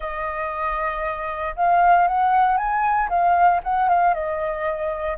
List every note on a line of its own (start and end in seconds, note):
0.00 1.55 D#5
1.56 2.07 F5
2.07 2.57 F#5
2.57 3.08 G#5
3.09 3.61 F5
3.63 3.88 F#5
3.88 4.14 F5
4.14 5.17 D#5